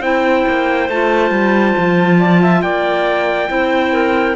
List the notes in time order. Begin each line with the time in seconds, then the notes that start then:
0.00 C4 E4 C5 G5
0.48 A#3
0.89 A3 F4 A5
1.31 G3
1.78 F3
2.19 D5
2.42 E5
2.62 A#3 D5 G5
3.49 C4 E4 C5
3.93 A#4